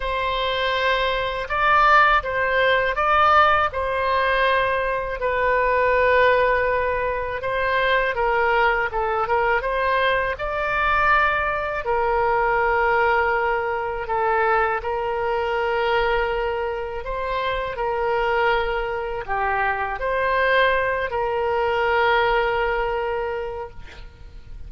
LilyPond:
\new Staff \with { instrumentName = "oboe" } { \time 4/4 \tempo 4 = 81 c''2 d''4 c''4 | d''4 c''2 b'4~ | b'2 c''4 ais'4 | a'8 ais'8 c''4 d''2 |
ais'2. a'4 | ais'2. c''4 | ais'2 g'4 c''4~ | c''8 ais'2.~ ais'8 | }